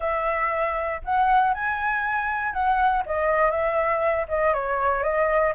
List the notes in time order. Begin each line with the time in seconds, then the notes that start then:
0.00 E5
1.04 F#5
1.54 G#5
2.52 F#5
3.05 D#5
3.50 E5
4.28 D#5
4.53 C#5
5.03 D#5